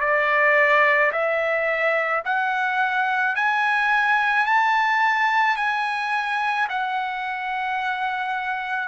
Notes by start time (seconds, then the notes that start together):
0.00 D5
1.12 E5
2.25 F#5
3.35 G#5
4.45 A5
5.56 G#5
6.69 F#5